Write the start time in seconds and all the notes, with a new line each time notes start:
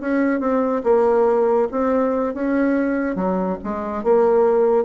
0.00 C#4
0.40 C4
0.83 A#3
1.71 C4
2.34 C#4
3.15 F#3
3.63 G#3
4.03 A#3